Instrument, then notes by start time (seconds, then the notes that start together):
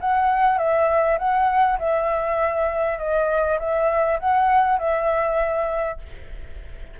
flute
0.00 F#5
0.58 E5
1.18 F#5
1.78 E5
2.98 D#5
3.59 E5
4.19 F#5
4.79 E5